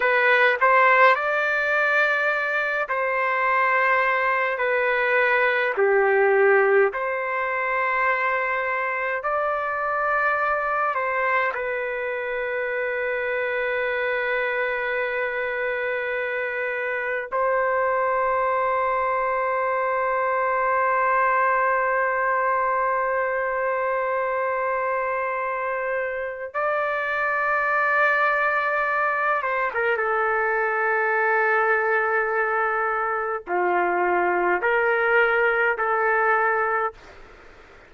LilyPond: \new Staff \with { instrumentName = "trumpet" } { \time 4/4 \tempo 4 = 52 b'8 c''8 d''4. c''4. | b'4 g'4 c''2 | d''4. c''8 b'2~ | b'2. c''4~ |
c''1~ | c''2. d''4~ | d''4. c''16 ais'16 a'2~ | a'4 f'4 ais'4 a'4 | }